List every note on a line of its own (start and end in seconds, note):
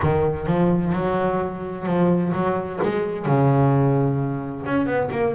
0.02 0.46 D#3
0.46 0.93 F3
0.93 1.86 F#3
1.86 2.32 F3
2.33 2.79 F#3
2.82 3.25 G#3
3.25 4.65 C#3
4.66 4.86 C#4
4.86 5.09 B3
5.11 5.34 A#3